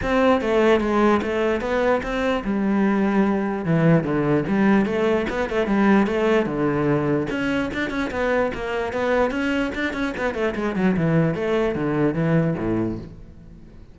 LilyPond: \new Staff \with { instrumentName = "cello" } { \time 4/4 \tempo 4 = 148 c'4 a4 gis4 a4 | b4 c'4 g2~ | g4 e4 d4 g4 | a4 b8 a8 g4 a4 |
d2 cis'4 d'8 cis'8 | b4 ais4 b4 cis'4 | d'8 cis'8 b8 a8 gis8 fis8 e4 | a4 d4 e4 a,4 | }